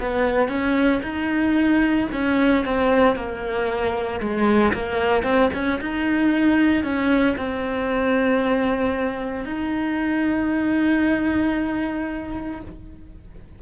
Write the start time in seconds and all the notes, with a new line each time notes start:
0.00 B3
0.48 C#4
1.02 D#4
2.12 C#4
2.65 C4
3.16 A#3
4.20 G#3
4.73 A#3
5.23 C4
5.54 C#4
5.81 D#4
6.84 C#4
7.37 C4
9.45 D#4